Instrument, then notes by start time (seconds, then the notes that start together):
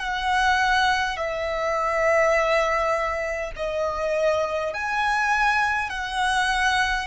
violin
0.00 F#5
1.17 E5
3.56 D#5
4.74 G#5
5.90 F#5